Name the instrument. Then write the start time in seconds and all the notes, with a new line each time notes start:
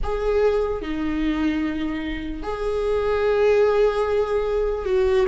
viola
0.03 G#4
0.81 D#4
2.43 G#4
4.85 F#4